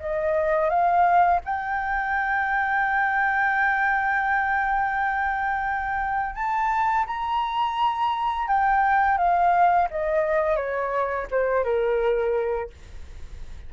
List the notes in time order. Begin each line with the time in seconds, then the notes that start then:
0.00 D#5
0.70 F5
1.45 G5
6.35 A5
7.07 A#5
8.48 G5
9.18 F5
9.91 D#5
10.56 C#5
11.31 C5
11.64 A#4